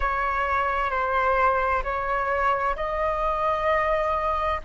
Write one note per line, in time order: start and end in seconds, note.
0.00 0.90 C#5
0.90 1.83 C5
1.83 2.75 C#5
2.76 4.60 D#5